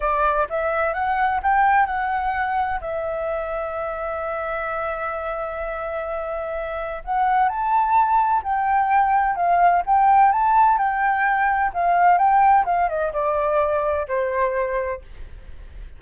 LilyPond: \new Staff \with { instrumentName = "flute" } { \time 4/4 \tempo 4 = 128 d''4 e''4 fis''4 g''4 | fis''2 e''2~ | e''1~ | e''2. fis''4 |
a''2 g''2 | f''4 g''4 a''4 g''4~ | g''4 f''4 g''4 f''8 dis''8 | d''2 c''2 | }